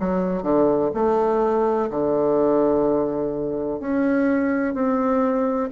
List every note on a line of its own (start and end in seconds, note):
0.00 0.43 F#3
0.43 0.90 D3
0.94 1.90 A3
1.90 3.80 D3
3.80 4.74 C#4
4.74 5.70 C4